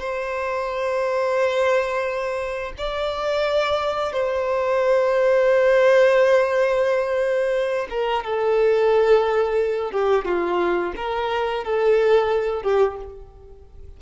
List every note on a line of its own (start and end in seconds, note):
0.00 2.73 C5
2.78 4.12 D5
4.12 7.87 C5
7.90 8.24 A#4
8.24 9.91 A4
9.91 10.25 G4
10.25 10.93 F4
10.96 11.64 A#4
11.64 12.63 A4
12.63 12.97 G4